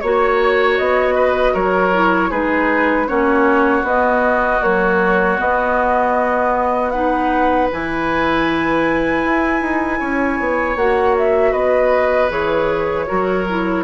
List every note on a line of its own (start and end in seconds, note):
0.00 0.79 A#3
0.00 1.93 F#4
0.00 0.77 C#5
0.00 1.14 C#5
0.77 1.55 B3
0.77 1.54 D#5
1.14 1.53 B4
1.53 2.31 F#3
1.53 2.29 A#4
1.53 2.31 C#5
1.93 2.31 E4
2.29 3.08 G#3
2.29 3.07 D#4
2.29 3.06 G#4
2.29 3.08 B4
3.07 3.83 A#3
3.07 3.84 C#4
3.07 6.93 F#4
3.07 3.85 C#5
3.83 4.60 B3
3.83 4.61 B3
3.83 4.62 D#5
4.61 5.38 F#3
4.61 5.38 A#3
4.61 5.39 C#5
5.38 6.92 B3
5.38 7.70 B3
5.38 6.90 D#5
6.90 7.70 D#4
6.90 9.99 B4
6.90 7.67 F#5
7.72 9.24 E3
7.72 10.78 E4
7.72 10.77 G#5
9.24 9.61 E4
9.61 9.99 D#4
9.99 10.39 C#4
9.99 11.51 C#5
10.39 10.76 B3
10.76 11.53 A#3
10.76 12.30 F#4
10.76 11.15 F#5
11.17 11.53 E5
11.51 12.30 B3
11.51 13.05 B4
11.51 12.29 D#5
12.30 13.07 E3
12.30 13.07 G#4
12.30 13.83 C#5
13.07 13.83 F#3
13.07 13.45 F#4
13.07 13.83 A#4
13.49 13.83 E4